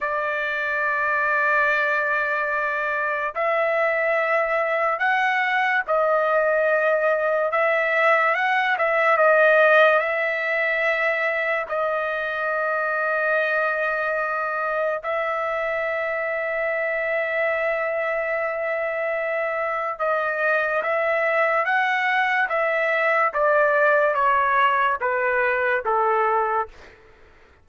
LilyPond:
\new Staff \with { instrumentName = "trumpet" } { \time 4/4 \tempo 4 = 72 d''1 | e''2 fis''4 dis''4~ | dis''4 e''4 fis''8 e''8 dis''4 | e''2 dis''2~ |
dis''2 e''2~ | e''1 | dis''4 e''4 fis''4 e''4 | d''4 cis''4 b'4 a'4 | }